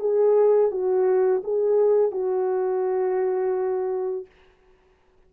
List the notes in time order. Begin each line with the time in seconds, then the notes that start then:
0.00 G#4
0.71 F#4
1.44 G#4
2.12 F#4